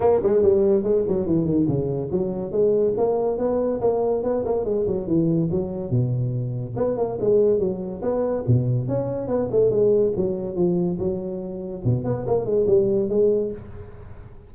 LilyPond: \new Staff \with { instrumentName = "tuba" } { \time 4/4 \tempo 4 = 142 ais8 gis8 g4 gis8 fis8 e8 dis8 | cis4 fis4 gis4 ais4 | b4 ais4 b8 ais8 gis8 fis8 | e4 fis4 b,2 |
b8 ais8 gis4 fis4 b4 | b,4 cis'4 b8 a8 gis4 | fis4 f4 fis2 | b,8 b8 ais8 gis8 g4 gis4 | }